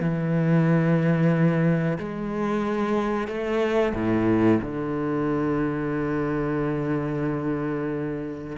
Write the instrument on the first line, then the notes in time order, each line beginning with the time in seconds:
cello
0.00 E3
1.98 G#3
3.27 A3
3.94 A2
4.62 D3